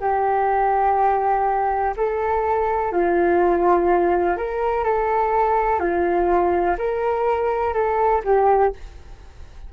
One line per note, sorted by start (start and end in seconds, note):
0.00 1.94 G4
1.97 2.92 A4
2.92 4.37 F4
4.37 4.84 A#4
4.84 5.79 A4
5.79 6.76 F4
6.77 7.74 A#4
7.74 8.22 A4
8.24 8.73 G4